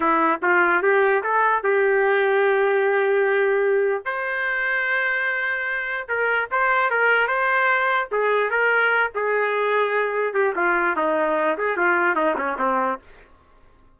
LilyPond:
\new Staff \with { instrumentName = "trumpet" } { \time 4/4 \tempo 4 = 148 e'4 f'4 g'4 a'4 | g'1~ | g'2 c''2~ | c''2. ais'4 |
c''4 ais'4 c''2 | gis'4 ais'4. gis'4.~ | gis'4. g'8 f'4 dis'4~ | dis'8 gis'8 f'4 dis'8 cis'8 c'4 | }